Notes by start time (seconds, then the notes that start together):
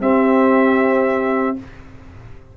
0.00 C4 G4 E5